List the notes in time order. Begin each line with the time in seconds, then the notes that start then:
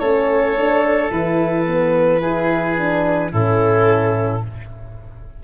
0.00 A3 C#4 A4 C#5
0.58 D4
1.11 E3 E4 B4
1.67 B3
2.22 E4 G#4
2.78 D4
3.32 A2 C#4 E4 A4